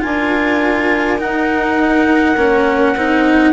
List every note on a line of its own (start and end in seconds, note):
0.00 1.22 D4
0.00 1.18 F4
0.00 3.53 A#4
0.00 1.20 G#5
1.19 2.36 D#4
1.19 2.37 D#4
1.19 3.53 F#5
2.37 2.96 A#3
2.37 2.96 C#4
2.96 3.53 C4
2.96 3.53 D#4